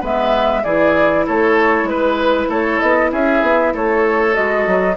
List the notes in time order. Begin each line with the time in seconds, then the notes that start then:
0.00 G#3 B3 B4 E5
0.63 E3 E4 G#4 D5
1.26 A3 A4 C#5
1.83 G#3 B4
1.89 B4
2.48 A3 A4 C#5
2.80 B3 D#5
3.11 C#4 G#4 E5
3.42 B3
3.73 A3 A4 C#5
4.33 G#3 F#4 D#5
4.66 F#3